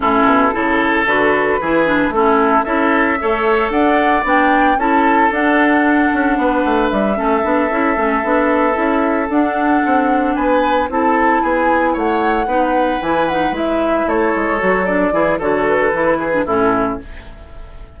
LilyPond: <<
  \new Staff \with { instrumentName = "flute" } { \time 4/4 \tempo 4 = 113 a'2 b'2 | a'4 e''2 fis''4 | g''4 a''4 fis''2~ | fis''4 e''2.~ |
e''4. fis''2 gis''8~ | gis''8 a''4 gis''4 fis''4.~ | fis''8 gis''8 fis''8 e''4 cis''4. | d''4 cis''8 b'4. a'4 | }
  \new Staff \with { instrumentName = "oboe" } { \time 4/4 e'4 a'2 gis'4 | e'4 a'4 cis''4 d''4~ | d''4 a'2. | b'4. a'2~ a'8~ |
a'2.~ a'8 b'8~ | b'8 a'4 gis'4 cis''4 b'8~ | b'2~ b'8 a'4.~ | a'8 gis'8 a'4. gis'8 e'4 | }
  \new Staff \with { instrumentName = "clarinet" } { \time 4/4 cis'4 e'4 fis'4 e'8 d'8 | cis'4 e'4 a'2 | d'4 e'4 d'2~ | d'4. cis'8 d'8 e'8 cis'8 d'8~ |
d'8 e'4 d'2~ d'8~ | d'8 e'2. dis'8~ | dis'8 e'8 dis'8 e'2 fis'8 | d'8 e'8 fis'4 e'8. d'16 cis'4 | }
  \new Staff \with { instrumentName = "bassoon" } { \time 4/4 a,8 b,8 cis4 d4 e4 | a4 cis'4 a4 d'4 | b4 cis'4 d'4. cis'8 | b8 a8 g8 a8 b8 cis'8 a8 b8~ |
b8 cis'4 d'4 c'4 b8~ | b8 c'4 b4 a4 b8~ | b8 e4 gis4 a8 gis8 fis8~ | fis8 e8 d4 e4 a,4 | }
>>